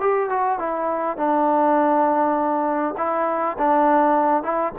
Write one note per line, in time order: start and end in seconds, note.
0.00 0.29 G4
0.29 0.59 F#4
0.59 1.17 E4
1.17 2.95 D4
2.97 3.57 E4
3.58 4.43 D4
4.43 4.72 E4